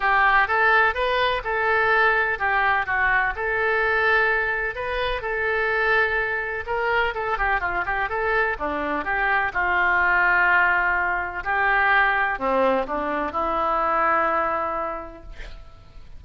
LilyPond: \new Staff \with { instrumentName = "oboe" } { \time 4/4 \tempo 4 = 126 g'4 a'4 b'4 a'4~ | a'4 g'4 fis'4 a'4~ | a'2 b'4 a'4~ | a'2 ais'4 a'8 g'8 |
f'8 g'8 a'4 d'4 g'4 | f'1 | g'2 c'4 d'4 | e'1 | }